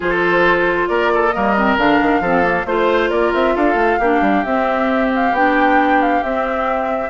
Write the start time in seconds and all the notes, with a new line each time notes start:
0.00 F3 F4 A4 C5
0.87 A#3 A#4 D5
1.14 A4
1.31 G3 A#3 A#4 D#5
1.56 C4
1.77 D3 D4 F5
2.00 D#3
2.20 F3 C4 A4
2.42 A#3
2.65 A3 F4 C5
3.09 A#3 A#4 D5
3.33 C4 E5
3.55 D4 A4 F5
3.74 A3
3.99 A#3 D4 G4
4.21 G3
4.44 C4 E5
5.15 F5
5.32 B3 D4 G5
6.01 F5
6.23 C4 E5